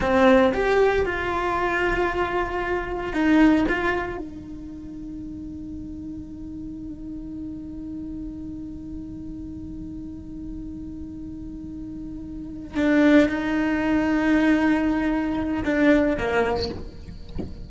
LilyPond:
\new Staff \with { instrumentName = "cello" } { \time 4/4 \tempo 4 = 115 c'4 g'4 f'2~ | f'2 dis'4 f'4 | dis'1~ | dis'1~ |
dis'1~ | dis'1~ | dis'8 d'4 dis'2~ dis'8~ | dis'2 d'4 ais4 | }